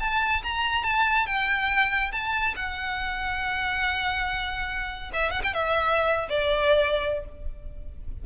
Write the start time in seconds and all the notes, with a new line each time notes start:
0.00 A5
0.44 A#5
0.84 A5
1.27 G5
2.12 A5
2.56 F#5
5.13 E5
5.31 F#5
5.44 G5
5.54 E5
6.30 D5